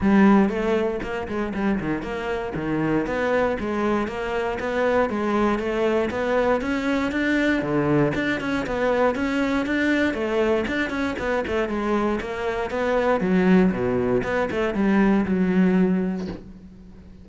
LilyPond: \new Staff \with { instrumentName = "cello" } { \time 4/4 \tempo 4 = 118 g4 a4 ais8 gis8 g8 dis8 | ais4 dis4 b4 gis4 | ais4 b4 gis4 a4 | b4 cis'4 d'4 d4 |
d'8 cis'8 b4 cis'4 d'4 | a4 d'8 cis'8 b8 a8 gis4 | ais4 b4 fis4 b,4 | b8 a8 g4 fis2 | }